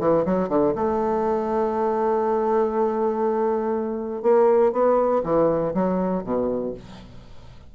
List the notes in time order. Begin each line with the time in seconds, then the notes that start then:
0.00 E3
0.26 F#3
0.49 D3
0.75 A3
4.23 A#3
4.72 B3
5.24 E3
5.74 F#3
6.24 B2